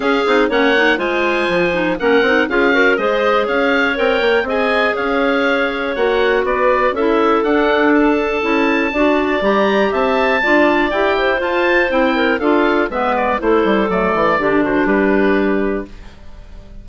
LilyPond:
<<
  \new Staff \with { instrumentName = "oboe" } { \time 4/4 \tempo 4 = 121 f''4 fis''4 gis''2 | fis''4 f''4 dis''4 f''4 | g''4 gis''4 f''2 | fis''4 d''4 e''4 fis''4 |
a''2. ais''4 | a''2 g''4 a''4 | g''4 f''4 e''8 d''8 c''4 | d''4. c''8 b'2 | }
  \new Staff \with { instrumentName = "clarinet" } { \time 4/4 gis'4 cis''4 c''2 | ais'4 gis'8 ais'8 c''4 cis''4~ | cis''4 dis''4 cis''2~ | cis''4 b'4 a'2~ |
a'2 d''2 | e''4 d''4. c''4.~ | c''8 ais'8 a'4 b'4 a'4~ | a'4 g'8 fis'8 g'2 | }
  \new Staff \with { instrumentName = "clarinet" } { \time 4/4 cis'8 dis'8 cis'8 dis'8 f'4. dis'8 | cis'8 dis'8 f'8 fis'8 gis'2 | ais'4 gis'2. | fis'2 e'4 d'4~ |
d'4 e'4 fis'4 g'4~ | g'4 f'4 g'4 f'4 | e'4 f'4 b4 e'4 | a4 d'2. | }
  \new Staff \with { instrumentName = "bassoon" } { \time 4/4 cis'8 c'8 ais4 gis4 f4 | ais8 c'8 cis'4 gis4 cis'4 | c'8 ais8 c'4 cis'2 | ais4 b4 cis'4 d'4~ |
d'4 cis'4 d'4 g4 | c'4 d'4 e'4 f'4 | c'4 d'4 gis4 a8 g8 | fis8 e8 d4 g2 | }
>>